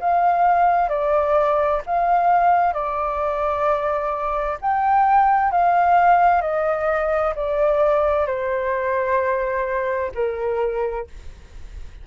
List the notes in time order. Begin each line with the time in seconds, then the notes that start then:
0.00 F5
0.89 D5
1.86 F5
2.73 D5
4.61 G5
5.51 F5
6.41 D#5
7.36 D5
8.27 C5
10.15 A#4